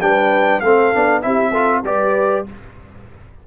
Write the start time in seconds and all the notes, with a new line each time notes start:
0.00 G3 D4 B4 G5
0.60 A3 C4 A4 F5
0.94 B3 D4
1.22 C4 E4 G4 E5
1.52 F4 A4
1.83 G3 G4 B4 D5